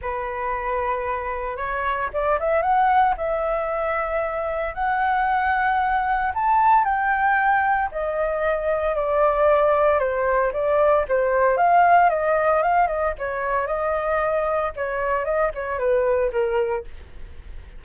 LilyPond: \new Staff \with { instrumentName = "flute" } { \time 4/4 \tempo 4 = 114 b'2. cis''4 | d''8 e''8 fis''4 e''2~ | e''4 fis''2. | a''4 g''2 dis''4~ |
dis''4 d''2 c''4 | d''4 c''4 f''4 dis''4 | f''8 dis''8 cis''4 dis''2 | cis''4 dis''8 cis''8 b'4 ais'4 | }